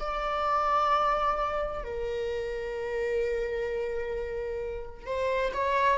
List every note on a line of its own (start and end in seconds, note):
0.00 1.84 D5
1.84 5.06 A#4
5.06 5.52 C5
5.53 5.98 C#5